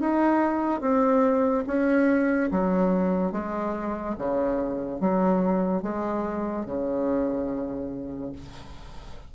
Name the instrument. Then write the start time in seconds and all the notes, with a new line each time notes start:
bassoon
0.00 D#4
0.81 C4
1.67 C#4
2.51 F#3
3.32 G#3
4.18 C#3
5.00 F#3
5.82 G#3
6.66 C#3